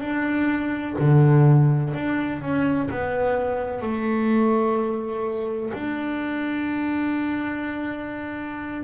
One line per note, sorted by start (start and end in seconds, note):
0.00 0.95 D4
0.98 1.94 D3
1.94 2.42 D4
2.42 2.89 C#4
2.90 3.81 B3
3.81 5.72 A3
5.74 8.83 D4